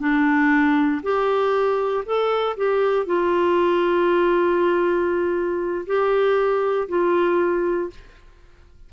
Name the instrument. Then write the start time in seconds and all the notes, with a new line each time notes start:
clarinet
0.00 D4
1.03 G4
2.06 A4
2.57 G4
3.06 F4
5.87 G4
6.89 F4